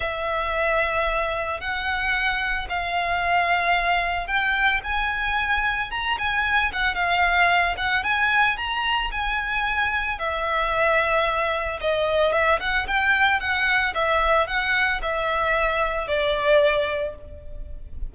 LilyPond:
\new Staff \with { instrumentName = "violin" } { \time 4/4 \tempo 4 = 112 e''2. fis''4~ | fis''4 f''2. | g''4 gis''2 ais''8 gis''8~ | gis''8 fis''8 f''4. fis''8 gis''4 |
ais''4 gis''2 e''4~ | e''2 dis''4 e''8 fis''8 | g''4 fis''4 e''4 fis''4 | e''2 d''2 | }